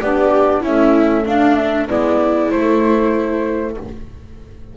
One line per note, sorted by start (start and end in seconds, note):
0.00 0.62 B3
0.00 0.64 D4
0.00 0.60 G4
0.00 0.63 D5
0.60 1.88 A3
0.60 1.25 C#4
0.60 1.23 E4
0.60 1.26 E5
1.25 1.88 D4
1.25 1.56 F5
1.56 1.87 E5
1.88 2.52 G#3
1.88 2.51 B3
1.88 3.76 E4
1.88 2.51 D5
2.51 3.76 A3
2.51 3.77 A3
2.51 3.76 C5